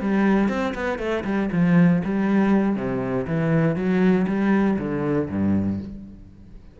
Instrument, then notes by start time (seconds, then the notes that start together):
cello
0.00 G3
0.48 C4
0.74 B3
0.98 A3
1.24 G3
1.52 F3
2.04 G3
2.75 C3
3.27 E3
3.75 F#3
4.27 G3
4.78 D3
5.29 G2